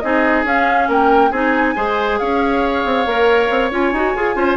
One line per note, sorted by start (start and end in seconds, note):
0.00 0.44 C4
0.00 0.45 D#4
0.00 0.88 G#4
0.00 0.43 D#5
0.44 0.88 C#4
0.44 1.32 C#4
0.44 0.90 F5
0.88 1.31 A#3
0.88 1.31 A#4
0.88 1.32 G5
1.31 1.74 C4
1.31 1.75 D#4
1.31 1.74 G#4
1.31 2.19 G#5
1.75 2.20 G#3
1.75 3.06 G#4
1.75 2.19 C5
2.19 2.85 C#4
2.19 4.36 C#5
2.19 3.71 F5
2.85 3.06 C4
3.06 3.50 A#3
3.06 3.72 A#4
3.50 3.71 C4
3.71 3.92 C#4
3.71 3.94 F4
3.71 4.57 G#5
3.92 4.14 D#4
3.92 4.16 F#4
4.16 4.36 F4
4.16 4.35 G#4
4.35 4.57 C#4
4.35 4.57 F4
4.35 4.57 C5